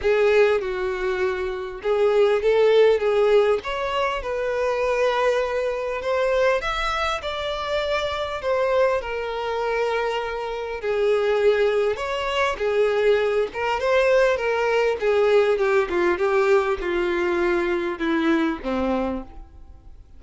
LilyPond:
\new Staff \with { instrumentName = "violin" } { \time 4/4 \tempo 4 = 100 gis'4 fis'2 gis'4 | a'4 gis'4 cis''4 b'4~ | b'2 c''4 e''4 | d''2 c''4 ais'4~ |
ais'2 gis'2 | cis''4 gis'4. ais'8 c''4 | ais'4 gis'4 g'8 f'8 g'4 | f'2 e'4 c'4 | }